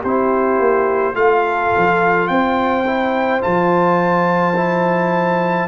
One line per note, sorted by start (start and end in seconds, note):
0.00 0.59 C4
0.00 1.13 G4
0.00 1.15 C5
0.06 1.14 E4
0.59 1.14 A#3
1.14 1.71 A3
1.14 2.84 F4
1.14 2.30 A4
1.14 2.27 F5
1.77 2.29 F3
2.27 3.42 C4
2.27 5.68 C5
2.27 3.41 G5
2.86 3.40 E4
3.40 5.68 F3
3.40 4.54 F4
3.40 5.68 A5
4.56 5.68 E4